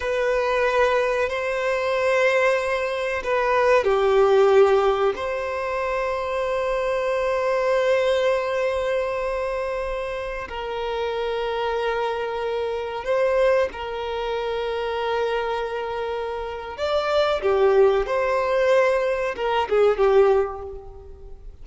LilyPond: \new Staff \with { instrumentName = "violin" } { \time 4/4 \tempo 4 = 93 b'2 c''2~ | c''4 b'4 g'2 | c''1~ | c''1~ |
c''16 ais'2.~ ais'8.~ | ais'16 c''4 ais'2~ ais'8.~ | ais'2 d''4 g'4 | c''2 ais'8 gis'8 g'4 | }